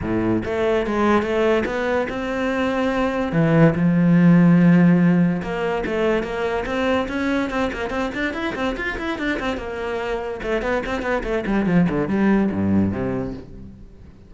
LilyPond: \new Staff \with { instrumentName = "cello" } { \time 4/4 \tempo 4 = 144 a,4 a4 gis4 a4 | b4 c'2. | e4 f2.~ | f4 ais4 a4 ais4 |
c'4 cis'4 c'8 ais8 c'8 d'8 | e'8 c'8 f'8 e'8 d'8 c'8 ais4~ | ais4 a8 b8 c'8 b8 a8 g8 | f8 d8 g4 g,4 c4 | }